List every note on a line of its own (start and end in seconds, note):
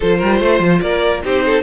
0.00 0.22 F3
0.00 1.23 F4
0.00 0.18 A4
0.00 0.80 C5
0.18 0.40 G3
0.18 0.38 A#4
0.40 0.59 A3
0.40 0.81 C5
0.59 0.80 F3
0.80 1.23 A#3
0.80 1.23 A#4
0.80 1.21 D5
1.23 1.62 C4
1.23 1.62 D#4
1.23 1.44 G4
1.23 1.62 C5
1.45 1.62 A4